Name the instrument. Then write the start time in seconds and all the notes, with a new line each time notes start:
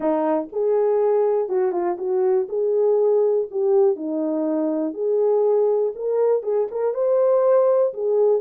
horn
0.00 D#4
0.52 G#4
1.48 F#4
1.72 F4
1.98 F#4
2.49 G#4
3.50 G4
3.96 D#4
4.93 G#4
5.95 A#4
6.43 G#4
6.71 A#4
6.94 C5
7.93 G#4